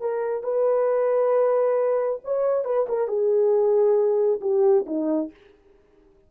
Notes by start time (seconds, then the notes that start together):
0.00 A#4
0.43 B4
2.24 C#5
2.64 B4
2.88 A#4
3.07 G#4
4.41 G4
4.86 D#4